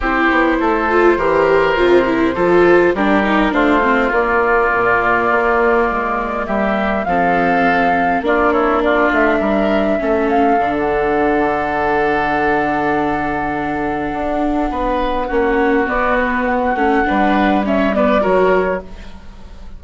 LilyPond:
<<
  \new Staff \with { instrumentName = "flute" } { \time 4/4 \tempo 4 = 102 c''1~ | c''4 ais'4 c''4 d''4~ | d''2. e''4 | f''2 d''8 cis''8 d''8 e''8~ |
e''4. f''8. fis''4.~ fis''16~ | fis''1~ | fis''2. d''8 b'8 | fis''2 e''8 d''8 cis''4 | }
  \new Staff \with { instrumentName = "oboe" } { \time 4/4 g'4 a'4 ais'2 | a'4 g'4 f'2~ | f'2. g'4 | a'2 f'8 e'8 f'4 |
ais'4 a'2.~ | a'1~ | a'4 b'4 fis'2~ | fis'4 b'4 cis''8 b'8 ais'4 | }
  \new Staff \with { instrumentName = "viola" } { \time 4/4 e'4. f'8 g'4 f'8 e'8 | f'4 d'8 dis'8 d'8 c'8 ais4~ | ais1 | c'2 d'2~ |
d'4 cis'4 d'2~ | d'1~ | d'2 cis'4 b4~ | b8 cis'8 d'4 cis'8 b8 fis'4 | }
  \new Staff \with { instrumentName = "bassoon" } { \time 4/4 c'8 b8 a4 e4 c4 | f4 g4 a4 ais4 | ais,4 ais4 gis4 g4 | f2 ais4. a8 |
g4 a4 d2~ | d1 | d'4 b4 ais4 b4~ | b8 a8 g2 fis4 | }
>>